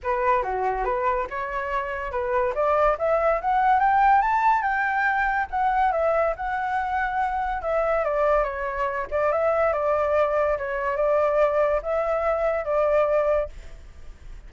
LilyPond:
\new Staff \with { instrumentName = "flute" } { \time 4/4 \tempo 4 = 142 b'4 fis'4 b'4 cis''4~ | cis''4 b'4 d''4 e''4 | fis''4 g''4 a''4 g''4~ | g''4 fis''4 e''4 fis''4~ |
fis''2 e''4 d''4 | cis''4. d''8 e''4 d''4~ | d''4 cis''4 d''2 | e''2 d''2 | }